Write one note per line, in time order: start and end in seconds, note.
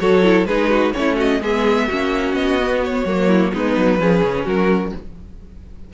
0.00 0.45 F#3
0.00 0.23 F#4
0.00 0.48 A4
0.00 0.46 C#5
0.24 0.47 E4
0.45 0.92 G#3
0.45 0.94 D#4
0.45 0.71 G#4
0.45 0.93 B4
0.71 0.94 F#4
0.94 1.41 A3
0.94 1.41 C#4
0.94 1.17 C#5
1.00 1.16 E4
1.16 1.39 F#4
1.16 1.43 D#5
1.41 1.88 G#3
1.41 1.90 B3
1.41 1.88 G#4
1.41 2.35 E5
1.88 2.34 A#3
1.88 2.60 C#4
1.88 3.28 F#4
2.34 3.04 B3
2.34 2.82 D#5
2.60 3.07 B3
2.84 3.55 C#5
3.05 3.52 F#3
3.05 3.53 A#3
3.28 3.51 E4
3.53 3.77 G#3
3.53 3.99 B3
3.53 4.01 D#4
3.53 4.46 B4
3.77 3.99 F#3
3.99 4.22 F3
3.99 4.94 C#4
3.99 4.46 G#4
4.23 4.46 C#3
4.46 4.93 F#3
4.46 4.92 F#4
4.46 4.93 A#4